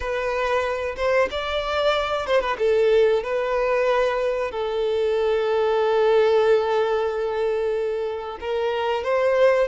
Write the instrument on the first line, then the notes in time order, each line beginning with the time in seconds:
violin
0.00 B4
0.96 C5
1.30 D5
2.26 C5
2.40 B4
2.58 A4
3.23 B4
4.51 A4
8.40 A#4
9.03 C5